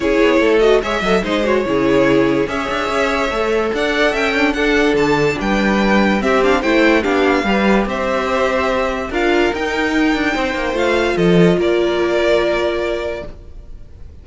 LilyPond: <<
  \new Staff \with { instrumentName = "violin" } { \time 4/4 \tempo 4 = 145 cis''4. dis''8 e''4 dis''8 cis''8~ | cis''2 e''2~ | e''4 fis''4 g''4 fis''4 | a''4 g''2 e''8 f''8 |
g''4 f''2 e''4~ | e''2 f''4 g''4~ | g''2 f''4 dis''4 | d''1 | }
  \new Staff \with { instrumentName = "violin" } { \time 4/4 gis'4 a'4 cis''8 dis''8 c''4 | gis'2 cis''2~ | cis''4 d''4 e''8 d'8 a'4~ | a'4 b'2 g'4 |
c''4 g'4 b'4 c''4~ | c''2 ais'2~ | ais'4 c''2 a'4 | ais'1 | }
  \new Staff \with { instrumentName = "viola" } { \time 4/4 e'4. fis'8 gis'8 a'8 dis'8 fis'8 | e'2 gis'2 | a'2. d'4~ | d'2. c'8 d'8 |
e'4 d'4 g'2~ | g'2 f'4 dis'4~ | dis'2 f'2~ | f'1 | }
  \new Staff \with { instrumentName = "cello" } { \time 4/4 cis'8 b8 a4 gis8 fis8 gis4 | cis2 cis'8 d'8 cis'4 | a4 d'4 cis'4 d'4 | d4 g2 c'4 |
a4 b4 g4 c'4~ | c'2 d'4 dis'4~ | dis'8 d'8 c'8 ais8 a4 f4 | ais1 | }
>>